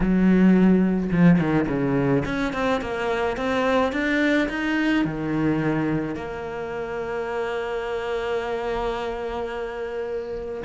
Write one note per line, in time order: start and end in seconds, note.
0.00 1.10 F#3
1.12 1.38 F3
1.38 1.66 D#3
1.68 2.24 C#3
2.25 2.53 C#4
2.53 2.81 C4
2.81 3.36 A#3
3.36 3.92 C4
3.92 4.48 D4
4.49 5.04 D#4
5.04 6.15 D#3
6.15 10.63 A#3